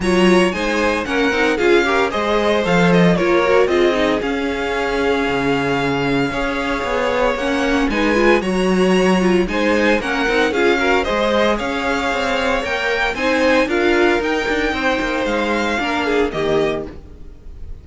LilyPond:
<<
  \new Staff \with { instrumentName = "violin" } { \time 4/4 \tempo 4 = 114 ais''4 gis''4 fis''4 f''4 | dis''4 f''8 dis''8 cis''4 dis''4 | f''1~ | f''2 fis''4 gis''4 |
ais''2 gis''4 fis''4 | f''4 dis''4 f''2 | g''4 gis''4 f''4 g''4~ | g''4 f''2 dis''4 | }
  \new Staff \with { instrumentName = "violin" } { \time 4/4 cis''4 c''4 ais'4 gis'8 ais'8 | c''2 ais'4 gis'4~ | gis'1 | cis''2. b'4 |
cis''2 c''4 ais'4 | gis'8 ais'8 c''4 cis''2~ | cis''4 c''4 ais'2 | c''2 ais'8 gis'8 g'4 | }
  \new Staff \with { instrumentName = "viola" } { \time 4/4 f'4 dis'4 cis'8 dis'8 f'8 g'8 | gis'4 a'4 f'8 fis'8 f'8 dis'8 | cis'1 | gis'2 cis'4 dis'8 f'8 |
fis'4. f'8 dis'4 cis'8 dis'8 | f'8 fis'8 gis'2. | ais'4 dis'4 f'4 dis'4~ | dis'2 d'4 ais4 | }
  \new Staff \with { instrumentName = "cello" } { \time 4/4 fis4 gis4 ais8 c'8 cis'4 | gis4 f4 ais4 c'4 | cis'2 cis2 | cis'4 b4 ais4 gis4 |
fis2 gis4 ais8 c'8 | cis'4 gis4 cis'4 c'4 | ais4 c'4 d'4 dis'8 d'8 | c'8 ais8 gis4 ais4 dis4 | }
>>